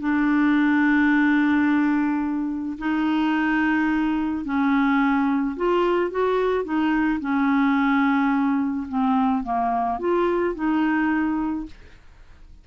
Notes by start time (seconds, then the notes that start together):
0.00 D4
2.79 D#4
4.45 C#4
5.57 F4
6.11 F#4
6.65 D#4
7.21 C#4
8.89 C4
9.44 A#3
10.00 F4
10.55 D#4